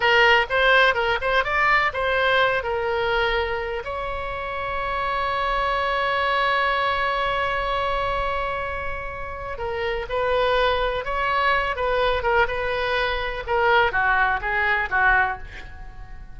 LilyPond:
\new Staff \with { instrumentName = "oboe" } { \time 4/4 \tempo 4 = 125 ais'4 c''4 ais'8 c''8 d''4 | c''4. ais'2~ ais'8 | cis''1~ | cis''1~ |
cis''1 | ais'4 b'2 cis''4~ | cis''8 b'4 ais'8 b'2 | ais'4 fis'4 gis'4 fis'4 | }